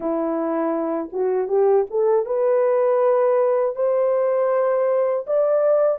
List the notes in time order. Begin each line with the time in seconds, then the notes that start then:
0.00 E4
1.12 F#4
1.48 G4
1.90 A4
2.25 B4
3.75 C5
5.26 D5